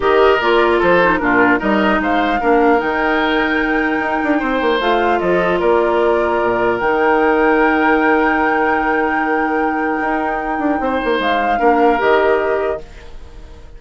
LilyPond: <<
  \new Staff \with { instrumentName = "flute" } { \time 4/4 \tempo 4 = 150 dis''4 d''4 c''4 ais'4 | dis''4 f''2 g''4~ | g''1 | f''4 dis''4 d''2~ |
d''4 g''2.~ | g''1~ | g''1 | f''2 dis''2 | }
  \new Staff \with { instrumentName = "oboe" } { \time 4/4 ais'2 a'4 f'4 | ais'4 c''4 ais'2~ | ais'2. c''4~ | c''4 a'4 ais'2~ |
ais'1~ | ais'1~ | ais'2. c''4~ | c''4 ais'2. | }
  \new Staff \with { instrumentName = "clarinet" } { \time 4/4 g'4 f'4. dis'8 d'4 | dis'2 d'4 dis'4~ | dis'1 | f'1~ |
f'4 dis'2.~ | dis'1~ | dis'1~ | dis'4 d'4 g'2 | }
  \new Staff \with { instrumentName = "bassoon" } { \time 4/4 dis4 ais4 f4 ais,4 | g4 gis4 ais4 dis4~ | dis2 dis'8 d'8 c'8 ais8 | a4 f4 ais2 |
ais,4 dis2.~ | dis1~ | dis4 dis'4. d'8 c'8 ais8 | gis4 ais4 dis2 | }
>>